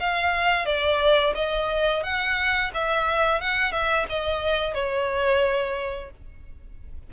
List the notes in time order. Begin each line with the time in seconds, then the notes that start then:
0.00 F5
0.66 D5
1.35 D#5
2.03 F#5
2.74 E5
3.41 F#5
3.72 E5
4.09 D#5
4.74 C#5